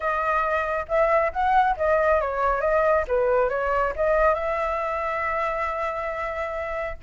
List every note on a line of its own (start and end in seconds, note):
0.00 0.86 D#5
0.88 1.32 E5
1.32 1.76 F#5
1.77 2.20 D#5
2.20 2.61 C#5
2.61 3.04 D#5
3.07 3.49 B4
3.49 3.93 C#5
3.95 4.34 D#5
4.34 6.97 E5